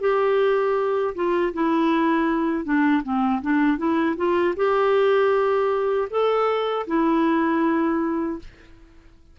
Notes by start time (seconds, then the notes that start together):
0.00 G4
1.15 F4
1.53 E4
2.64 D4
3.03 C4
3.41 D4
3.77 E4
4.16 F4
4.56 G4
6.10 A4
6.87 E4